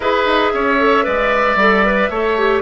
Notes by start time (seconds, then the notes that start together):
0.00 E4 G#4 B4 E5
0.26 D#4
0.53 C#4 C#5
0.79 A4
1.03 G#3 B4 D5
1.55 G3 A4
1.85 B4
2.09 A3 A4 C#5
2.38 G4